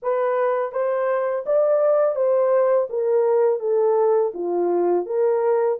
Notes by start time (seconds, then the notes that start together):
0.02 B4
0.72 C5
1.46 D5
2.15 C5
2.89 A#4
3.59 A4
4.33 F4
5.06 A#4